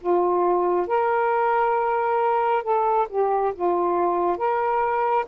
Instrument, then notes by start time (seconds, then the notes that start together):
saxophone
0.00 F4
0.87 A#4
2.63 A4
3.09 G4
3.55 F4
4.37 A#4